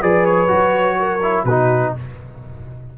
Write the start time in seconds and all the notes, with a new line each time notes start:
0.00 F3 G#4 B4 D5
0.25 C#5
0.47 F#3 F#4
0.98 A#4
1.22 E4
1.44 B2 D#4 F#4 B4